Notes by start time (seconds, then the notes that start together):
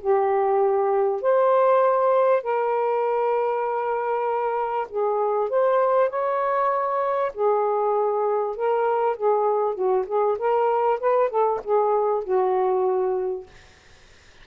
0.00 G4
1.21 C5
2.42 A#4
4.89 G#4
5.49 C5
6.09 C#5
7.34 G#4
8.56 A#4
9.16 G#4
9.74 F#4
10.07 G#4
10.38 A#4
11.00 B4
11.29 A4
11.64 G#4
12.24 F#4